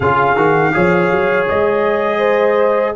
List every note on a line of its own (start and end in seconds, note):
0.00 0.35 C#3
0.00 0.37 F4
0.00 0.73 G#4
0.00 1.46 F5
0.35 0.72 D#3
0.35 0.73 F#4
0.73 1.11 F3
0.73 2.95 G#4
0.73 2.18 C#5
1.11 1.48 F#3
1.48 2.95 G#3
1.48 2.95 D#5
2.18 2.92 C5